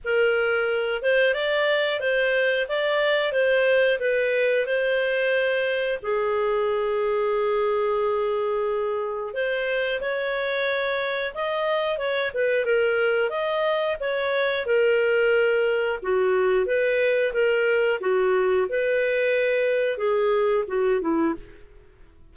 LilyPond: \new Staff \with { instrumentName = "clarinet" } { \time 4/4 \tempo 4 = 90 ais'4. c''8 d''4 c''4 | d''4 c''4 b'4 c''4~ | c''4 gis'2.~ | gis'2 c''4 cis''4~ |
cis''4 dis''4 cis''8 b'8 ais'4 | dis''4 cis''4 ais'2 | fis'4 b'4 ais'4 fis'4 | b'2 gis'4 fis'8 e'8 | }